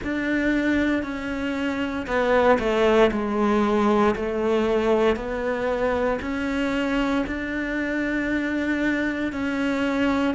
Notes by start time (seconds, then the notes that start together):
0.03 D4
1.03 C#4
2.06 B3
2.59 A3
3.11 G#3
4.15 A3
5.15 B3
6.21 C#4
7.26 D4
9.32 C#4